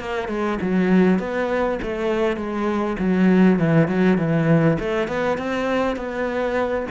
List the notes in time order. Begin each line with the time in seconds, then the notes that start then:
0.00 A#3
0.28 G#3
0.61 F#3
1.19 B3
1.82 A3
2.36 G#3
2.99 F#3
3.59 E3
3.88 F#3
4.18 E3
4.79 A3
5.08 B3
5.38 C4
5.96 B3